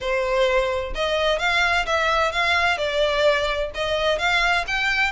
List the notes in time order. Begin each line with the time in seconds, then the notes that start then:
0.00 C5
0.94 D#5
1.38 F5
1.86 E5
2.32 F5
2.77 D5
3.74 D#5
4.18 F5
4.67 G5